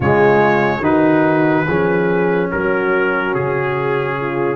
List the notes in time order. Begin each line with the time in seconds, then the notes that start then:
0.00 C#3 G#3 F4 C#5
0.81 D#3 D#4 F#4 B4
1.66 F3 C#4 G#4
2.51 F#3 F#4 A#4
3.34 C#3 G#4
4.19 F4